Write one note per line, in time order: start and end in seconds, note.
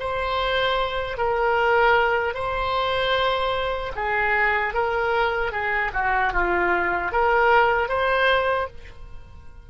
0.00 1.18 C5
1.18 2.34 A#4
2.34 3.92 C5
3.95 4.74 G#4
4.74 5.52 A#4
5.52 5.91 G#4
5.94 6.33 F#4
6.33 7.12 F4
7.12 7.89 A#4
7.89 8.68 C5